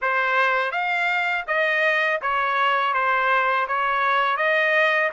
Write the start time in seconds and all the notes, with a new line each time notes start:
0.01 C5
0.71 F5
1.47 D#5
2.21 C#5
2.93 C5
3.68 C#5
4.36 D#5